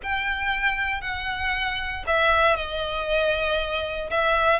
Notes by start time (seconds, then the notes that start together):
0.03 G5
1.01 F#5
2.07 E5
2.56 D#5
4.10 E5